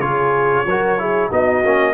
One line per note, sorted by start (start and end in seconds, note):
0.00 0.65 C#3
0.00 0.65 F4
0.00 0.66 G#4
0.00 1.29 C#5
0.65 1.30 F#3
0.65 0.99 F#4
0.65 1.00 A#4
0.99 1.31 E4
0.99 1.29 G#4
1.29 1.64 B3
1.29 1.63 D#4
1.29 1.94 F#4
1.29 1.94 D#5
1.64 1.94 A#3
1.64 1.94 C#4